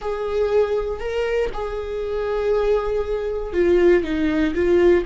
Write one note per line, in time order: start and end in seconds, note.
0.01 0.99 G#4
0.99 1.50 A#4
1.53 3.53 G#4
3.53 4.03 F4
4.03 4.54 D#4
4.54 5.04 F4